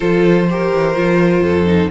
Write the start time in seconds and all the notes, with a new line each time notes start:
0.00 F3 F4 A4 C5
0.50 G4 A#4
0.72 E3
0.94 F3 F4
1.41 F2 A4
1.66 D#4